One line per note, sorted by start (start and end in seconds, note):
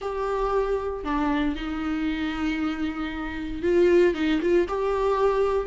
0.01 1.03 G4
1.03 1.55 D4
1.55 3.62 D#4
3.62 4.14 F4
4.14 4.40 D#4
4.41 4.67 F4
4.68 5.67 G4